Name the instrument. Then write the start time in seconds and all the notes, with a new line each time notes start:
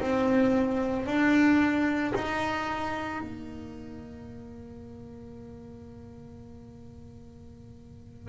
double bass
0.00 C4
1.06 D4
2.15 D#4
3.20 A#3